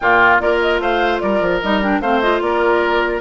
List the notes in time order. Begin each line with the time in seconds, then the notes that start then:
0.00 A#2 A#3 F4 G5
0.40 A#3 F4 A#4 D5
0.61 D#5
0.79 A3 C5 F5
1.20 G3 A#4 D5
1.40 F3
1.61 G3 D#4 D#5
1.82 D4 G5
2.00 A3 C4 C5 F5
2.20 F4 D#5
2.41 A#3 A#4 D5